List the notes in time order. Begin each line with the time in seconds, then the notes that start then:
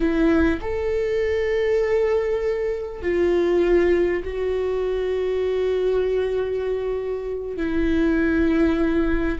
0.00 E4
0.61 A4
3.02 F4
4.24 F#4
7.56 E4